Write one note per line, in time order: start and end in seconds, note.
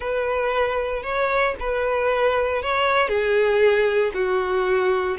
0.00 1.03 B4
1.03 1.54 C#5
1.59 2.62 B4
2.62 3.08 C#5
3.08 4.11 G#4
4.14 5.17 F#4